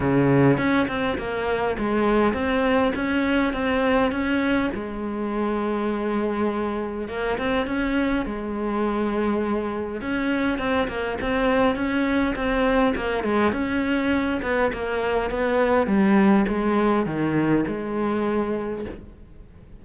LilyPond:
\new Staff \with { instrumentName = "cello" } { \time 4/4 \tempo 4 = 102 cis4 cis'8 c'8 ais4 gis4 | c'4 cis'4 c'4 cis'4 | gis1 | ais8 c'8 cis'4 gis2~ |
gis4 cis'4 c'8 ais8 c'4 | cis'4 c'4 ais8 gis8 cis'4~ | cis'8 b8 ais4 b4 g4 | gis4 dis4 gis2 | }